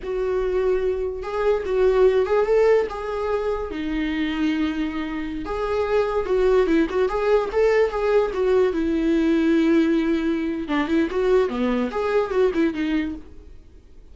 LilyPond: \new Staff \with { instrumentName = "viola" } { \time 4/4 \tempo 4 = 146 fis'2. gis'4 | fis'4. gis'8 a'4 gis'4~ | gis'4 dis'2.~ | dis'4~ dis'16 gis'2 fis'8.~ |
fis'16 e'8 fis'8 gis'4 a'4 gis'8.~ | gis'16 fis'4 e'2~ e'8.~ | e'2 d'8 e'8 fis'4 | b4 gis'4 fis'8 e'8 dis'4 | }